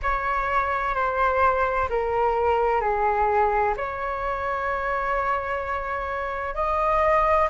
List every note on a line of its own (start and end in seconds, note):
0.02 0.95 C#5
0.95 1.88 C5
1.89 2.80 A#4
2.80 3.74 G#4
3.76 6.55 C#5
6.55 7.48 D#5